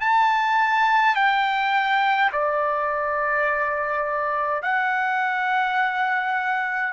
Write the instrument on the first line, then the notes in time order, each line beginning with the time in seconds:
trumpet
0.00 A5
1.15 G5
2.32 D5
4.62 F#5